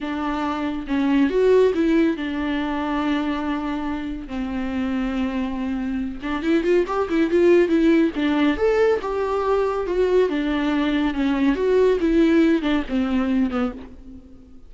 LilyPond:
\new Staff \with { instrumentName = "viola" } { \time 4/4 \tempo 4 = 140 d'2 cis'4 fis'4 | e'4 d'2.~ | d'2 c'2~ | c'2~ c'8 d'8 e'8 f'8 |
g'8 e'8 f'4 e'4 d'4 | a'4 g'2 fis'4 | d'2 cis'4 fis'4 | e'4. d'8 c'4. b8 | }